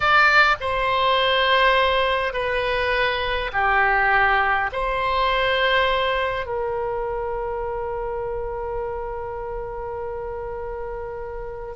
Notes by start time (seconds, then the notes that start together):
0.00 D5
0.60 C5
2.33 B4
3.52 G4
4.72 C5
6.45 A#4